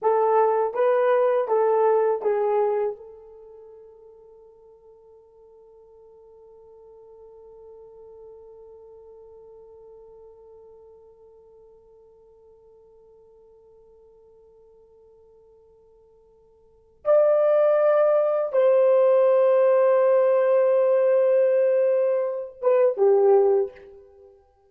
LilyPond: \new Staff \with { instrumentName = "horn" } { \time 4/4 \tempo 4 = 81 a'4 b'4 a'4 gis'4 | a'1~ | a'1~ | a'1~ |
a'1~ | a'2. d''4~ | d''4 c''2.~ | c''2~ c''8 b'8 g'4 | }